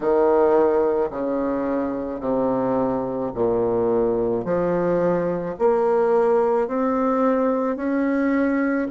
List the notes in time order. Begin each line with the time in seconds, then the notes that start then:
0.00 D#3
1.11 C#3
2.20 C3
3.34 A#2
4.44 F3
5.59 A#3
6.67 C4
7.76 C#4